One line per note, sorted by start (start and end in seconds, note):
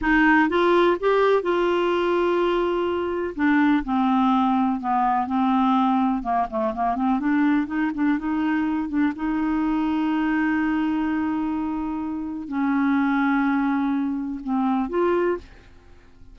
0.01 0.49 D#4
0.49 0.97 F4
1.00 1.42 G4
1.42 3.34 F4
3.35 3.83 D4
3.84 4.80 C4
4.80 5.26 B3
5.26 6.22 C4
6.22 6.46 A#3
6.49 6.73 A3
6.74 6.95 A#3
6.95 7.19 C4
7.19 7.67 D4
7.67 7.91 D#4
7.94 8.18 D4
8.18 8.88 D#4
8.88 9.12 D4
9.15 12.48 D#4
12.48 14.40 C#4
14.43 14.89 C4
14.89 15.37 F4